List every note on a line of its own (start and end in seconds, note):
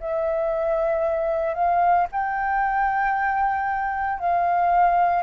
0.00 1.54 E5
1.54 2.07 F5
2.11 4.19 G5
4.19 5.23 F5